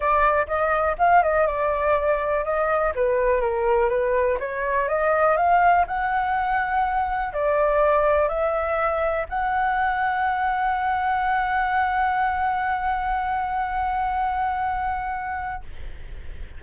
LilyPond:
\new Staff \with { instrumentName = "flute" } { \time 4/4 \tempo 4 = 123 d''4 dis''4 f''8 dis''8 d''4~ | d''4 dis''4 b'4 ais'4 | b'4 cis''4 dis''4 f''4 | fis''2. d''4~ |
d''4 e''2 fis''4~ | fis''1~ | fis''1~ | fis''1 | }